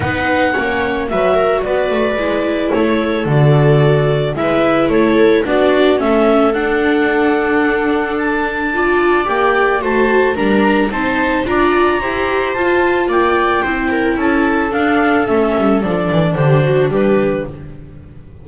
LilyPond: <<
  \new Staff \with { instrumentName = "clarinet" } { \time 4/4 \tempo 4 = 110 fis''2 e''4 d''4~ | d''4 cis''4 d''2 | e''4 cis''4 d''4 e''4 | fis''2. a''4~ |
a''4 g''4 a''4 ais''4 | a''4 ais''2 a''4 | g''2 a''4 f''4 | e''4 d''4 c''4 b'4 | }
  \new Staff \with { instrumentName = "viola" } { \time 4/4 b'4 cis''4 b'8 ais'8 b'4~ | b'4 a'2. | b'4 a'4 fis'4 a'4~ | a'1 |
d''2 c''4 ais'4 | c''4 d''4 c''2 | d''4 c''8 ais'8 a'2~ | a'2 g'8 fis'8 g'4 | }
  \new Staff \with { instrumentName = "viola" } { \time 4/4 dis'4 cis'4 fis'2 | e'2 fis'2 | e'2 d'4 cis'4 | d'1 |
f'4 g'4 fis'4 d'4 | dis'4 f'4 g'4 f'4~ | f'4 e'2 d'4 | cis'4 d'2. | }
  \new Staff \with { instrumentName = "double bass" } { \time 4/4 b4 ais4 fis4 b8 a8 | gis4 a4 d2 | gis4 a4 b4 a4 | d'1~ |
d'4 ais4 a4 g4 | c'4 d'4 e'4 f'4 | ais4 c'4 cis'4 d'4 | a8 g8 f8 e8 d4 g4 | }
>>